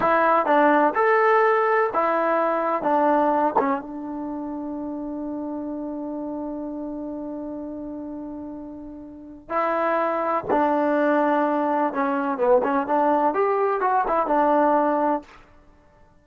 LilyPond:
\new Staff \with { instrumentName = "trombone" } { \time 4/4 \tempo 4 = 126 e'4 d'4 a'2 | e'2 d'4. cis'8 | d'1~ | d'1~ |
d'1 | e'2 d'2~ | d'4 cis'4 b8 cis'8 d'4 | g'4 fis'8 e'8 d'2 | }